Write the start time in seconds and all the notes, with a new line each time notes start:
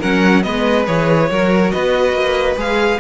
0.00 F#3 C#4 A#4 F#5
0.43 G#3 B3 B4 D#5
0.87 E3 G#4 C#5
1.30 F#3 F#4 A#4
1.71 B3 B4 D#5
2.13 A#3
2.56 G#3 G#4 F5